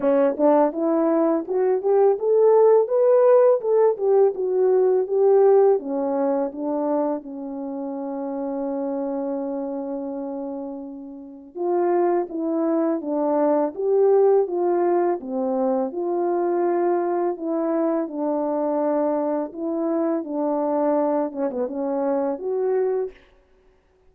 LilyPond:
\new Staff \with { instrumentName = "horn" } { \time 4/4 \tempo 4 = 83 cis'8 d'8 e'4 fis'8 g'8 a'4 | b'4 a'8 g'8 fis'4 g'4 | cis'4 d'4 cis'2~ | cis'1 |
f'4 e'4 d'4 g'4 | f'4 c'4 f'2 | e'4 d'2 e'4 | d'4. cis'16 b16 cis'4 fis'4 | }